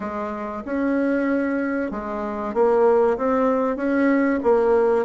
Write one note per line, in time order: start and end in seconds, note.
0.00 0.63 G#3
0.65 1.91 C#4
1.91 2.53 G#3
2.53 3.17 A#3
3.18 3.76 C4
3.76 4.39 C#4
4.43 5.05 A#3